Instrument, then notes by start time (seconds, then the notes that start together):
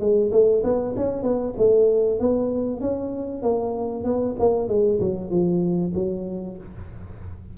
tuba
0.00 G#3
0.31 A3
0.63 B3
0.96 C#4
1.22 B3
1.57 A3
2.19 B3
2.81 C#4
3.42 A#3
4.04 B3
4.39 A#3
4.68 G#3
5.00 F#3
5.30 F3
5.94 F#3